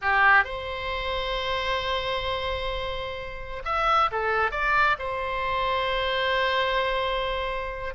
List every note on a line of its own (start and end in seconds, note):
0.01 0.44 G4
0.44 3.62 C5
3.64 4.10 E5
4.11 4.51 A4
4.51 4.96 D5
4.98 7.94 C5